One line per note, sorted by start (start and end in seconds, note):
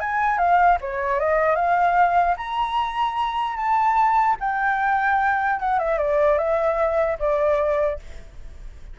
0.00 0.38 G#5
0.38 0.78 F5
0.81 1.20 C#5
1.20 1.56 D#5
1.56 2.36 F5
2.37 3.57 A#5
3.57 4.37 A5
4.40 5.60 G5
5.60 5.79 F#5
5.79 5.98 E5
5.98 6.38 D5
6.38 7.18 E5
7.19 7.99 D5